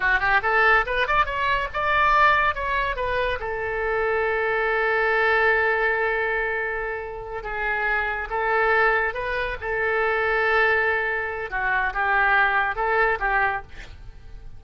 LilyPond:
\new Staff \with { instrumentName = "oboe" } { \time 4/4 \tempo 4 = 141 fis'8 g'8 a'4 b'8 d''8 cis''4 | d''2 cis''4 b'4 | a'1~ | a'1~ |
a'4. gis'2 a'8~ | a'4. b'4 a'4.~ | a'2. fis'4 | g'2 a'4 g'4 | }